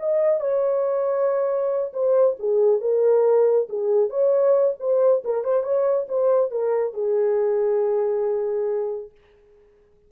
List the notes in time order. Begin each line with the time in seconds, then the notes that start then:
0.00 D#5
0.40 C#5
1.93 C5
2.39 G#4
2.81 A#4
3.69 G#4
4.10 C#5
4.80 C5
5.24 A#4
5.44 C5
5.63 C#5
6.09 C5
6.51 A#4
6.94 G#4